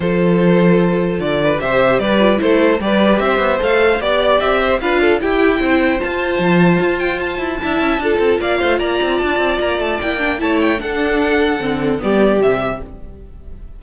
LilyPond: <<
  \new Staff \with { instrumentName = "violin" } { \time 4/4 \tempo 4 = 150 c''2. d''4 | e''4 d''4 c''4 d''4 | e''4 f''4 d''4 e''4 | f''4 g''2 a''4~ |
a''4. g''8 a''2~ | a''4 f''4 ais''4 a''4 | ais''8 a''8 g''4 a''8 g''8 fis''4~ | fis''2 d''4 e''4 | }
  \new Staff \with { instrumentName = "violin" } { \time 4/4 a'2.~ a'8 b'8 | c''4 b'4 a'4 b'4 | c''2 d''4. c''8 | b'8 a'8 g'4 c''2~ |
c''2. e''4 | a'4 d''8 c''8 d''2~ | d''2 cis''4 a'4~ | a'2 g'2 | }
  \new Staff \with { instrumentName = "viola" } { \time 4/4 f'1 | g'4. f'8 e'4 g'4~ | g'4 a'4 g'2 | f'4 e'2 f'4~ |
f'2. e'4 | f'1~ | f'4 e'8 d'8 e'4 d'4~ | d'4 c'4 b4 g4 | }
  \new Staff \with { instrumentName = "cello" } { \time 4/4 f2. d4 | c4 g4 a4 g4 | c'8 b8 a4 b4 c'4 | d'4 e'4 c'4 f'4 |
f4 f'4. e'8 d'8 cis'8 | d'8 c'8 ais8 a8 ais8 c'8 d'8 c'8 | ais8 a8 ais4 a4 d'4~ | d'4 d4 g4 c4 | }
>>